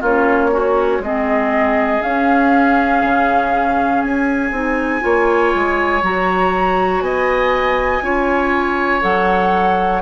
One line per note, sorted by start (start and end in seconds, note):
0.00 0.99 A#3
0.00 0.52 C#4
0.00 0.50 F4
0.00 1.02 C#5
0.51 1.01 C#4
0.51 1.02 F#4
0.99 1.99 G#3
0.99 2.01 C4
0.99 5.04 G#4
0.99 2.02 D#5
2.01 4.51 C#4
2.01 3.03 C#4
2.01 4.02 F5
3.03 4.03 C#3
4.02 4.51 C#4
4.02 6.02 G#5
4.51 5.01 C4
4.51 5.00 D#4
5.00 5.54 A#3
5.00 6.00 F4
5.00 7.04 C#5
5.54 6.02 G#3
6.02 7.00 F#3
6.02 8.02 F#4
6.02 7.00 A#5
7.00 8.00 B3
7.00 8.03 D#5
7.00 9.00 G#5
8.01 9.01 C#4
8.01 9.01 F4
8.01 10.01 C#5
9.01 10.01 F#3
9.01 10.01 A4
9.01 10.01 F#5